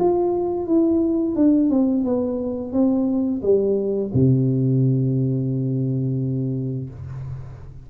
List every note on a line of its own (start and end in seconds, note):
0.00 0.67 F4
0.67 1.36 E4
1.36 1.70 D4
1.70 2.05 C4
2.05 2.73 B3
2.73 3.42 C4
3.43 4.12 G3
4.14 6.90 C3